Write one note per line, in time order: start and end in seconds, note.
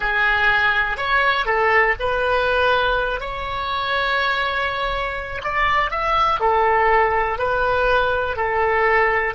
0.00 0.97 G#4
0.97 1.45 C#5
1.45 1.94 A4
1.99 3.20 B4
3.20 5.41 C#5
5.43 5.90 D5
5.90 6.39 E5
6.39 7.38 A4
7.38 8.36 B4
8.36 9.34 A4